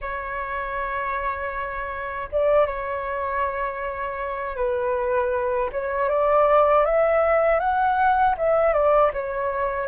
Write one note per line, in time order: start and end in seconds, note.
0.01 2.29 C#5
2.31 2.66 D5
2.66 4.56 C#5
4.56 5.70 B4
5.72 6.09 C#5
6.09 6.85 D5
6.85 7.59 E5
7.59 8.35 F#5
8.37 8.73 E5
8.73 9.11 D5
9.13 9.87 C#5